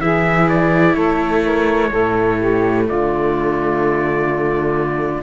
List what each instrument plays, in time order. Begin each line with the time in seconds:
0.00 cello E3, viola E4, saxophone G#4, trumpet E5
0.49 trumpet D5
0.94 cello A3, saxophone A4, trumpet C#5
1.44 saxophone A#4
1.89 cello A2, viola A3, saxophone A4
2.39 saxophone G4
2.85 cello D3, saxophone F4, trumpet D5